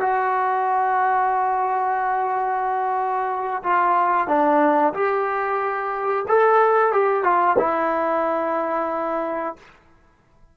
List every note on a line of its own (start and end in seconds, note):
0.00 3.63 F#4
3.63 4.27 F4
4.27 4.93 D4
4.94 6.26 G4
6.28 6.93 A4
6.93 7.24 G4
7.24 7.57 F4
7.58 9.56 E4